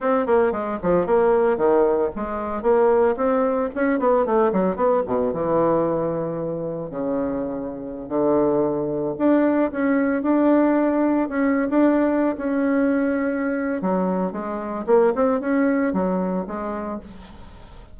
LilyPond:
\new Staff \with { instrumentName = "bassoon" } { \time 4/4 \tempo 4 = 113 c'8 ais8 gis8 f8 ais4 dis4 | gis4 ais4 c'4 cis'8 b8 | a8 fis8 b8 b,8 e2~ | e4 cis2~ cis16 d8.~ |
d4~ d16 d'4 cis'4 d'8.~ | d'4~ d'16 cis'8. d'4~ d'16 cis'8.~ | cis'2 fis4 gis4 | ais8 c'8 cis'4 fis4 gis4 | }